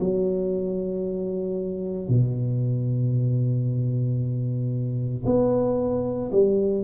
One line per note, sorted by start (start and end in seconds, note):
0.00 2.09 F#3
2.09 5.24 B2
5.26 6.31 B3
6.32 6.84 G3